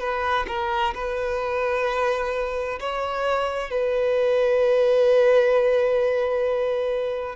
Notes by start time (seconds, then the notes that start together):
0.00 B4
0.48 A#4
0.95 B4
2.80 C#5
3.70 B4